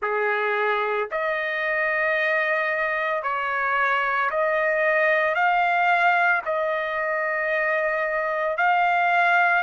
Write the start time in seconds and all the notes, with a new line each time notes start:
0.01 G#4
1.11 D#5
3.22 C#5
4.30 D#5
5.35 F5
6.45 D#5
8.57 F5